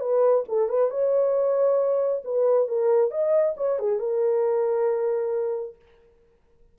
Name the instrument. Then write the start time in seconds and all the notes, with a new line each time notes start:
horn
0.00 B4
0.48 A4
0.69 B4
0.90 C#5
2.24 B4
2.68 A#4
3.11 D#5
3.57 C#5
3.79 G#4
3.99 A#4